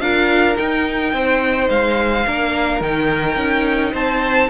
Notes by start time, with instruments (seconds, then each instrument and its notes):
0.00 cello D4, viola F4, violin A#4 F5
0.57 viola D#4, cello D#4, violin G5
1.13 cello C4, violin C5
1.70 cello G#3, violin F5
2.26 cello A#3, viola D4, violin A#4
2.81 cello D#3, viola D#4, violin G5
3.37 cello C#4
3.92 cello C4, violin C5 A5